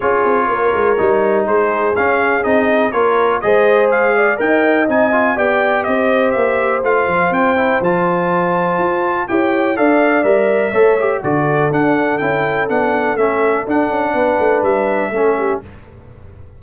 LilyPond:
<<
  \new Staff \with { instrumentName = "trumpet" } { \time 4/4 \tempo 4 = 123 cis''2. c''4 | f''4 dis''4 cis''4 dis''4 | f''4 g''4 gis''4 g''4 | dis''4 e''4 f''4 g''4 |
a''2. g''4 | f''4 e''2 d''4 | fis''4 g''4 fis''4 e''4 | fis''2 e''2 | }
  \new Staff \with { instrumentName = "horn" } { \time 4/4 gis'4 ais'2 gis'4~ | gis'2 ais'4 c''4~ | c''8 d''8 dis''2 d''4 | c''1~ |
c''2. cis''4 | d''2 cis''4 a'4~ | a'1~ | a'4 b'2 a'8 g'8 | }
  \new Staff \with { instrumentName = "trombone" } { \time 4/4 f'2 dis'2 | cis'4 dis'4 f'4 gis'4~ | gis'4 ais'4 dis'8 f'8 g'4~ | g'2 f'4. e'8 |
f'2. g'4 | a'4 ais'4 a'8 g'8 fis'4 | d'4 e'4 d'4 cis'4 | d'2. cis'4 | }
  \new Staff \with { instrumentName = "tuba" } { \time 4/4 cis'8 c'8 ais8 gis8 g4 gis4 | cis'4 c'4 ais4 gis4~ | gis4 dis'4 c'4 b4 | c'4 ais4 a8 f8 c'4 |
f2 f'4 e'4 | d'4 g4 a4 d4 | d'4 cis'4 b4 a4 | d'8 cis'8 b8 a8 g4 a4 | }
>>